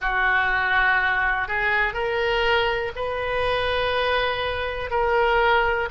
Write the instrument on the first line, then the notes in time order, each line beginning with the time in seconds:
oboe
0.00 F#4
1.48 G#4
1.93 A#4
2.95 B4
4.90 A#4